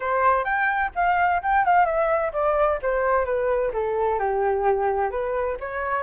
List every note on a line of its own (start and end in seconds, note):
0.00 0.44 C5
0.44 0.90 G5
0.95 1.41 F5
1.42 1.65 G5
1.65 1.85 F5
1.85 2.32 E5
2.33 2.79 D5
2.81 3.25 C5
3.25 3.71 B4
3.73 4.19 A4
4.19 5.10 G4
5.10 5.57 B4
5.60 6.03 C#5